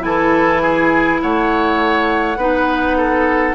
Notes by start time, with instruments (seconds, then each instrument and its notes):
0.00 bassoon E3, clarinet E4, oboe A4, flute G#5
0.62 oboe G#4
1.22 bassoon A3, oboe C#5, flute F#5
2.37 bassoon B3, clarinet D#4, oboe B4
2.97 oboe A4